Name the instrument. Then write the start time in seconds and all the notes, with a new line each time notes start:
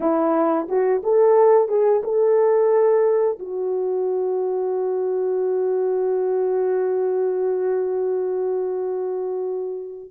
horn
0.00 E4
0.68 F#4
1.03 A4
1.68 G#4
2.03 A4
3.39 F#4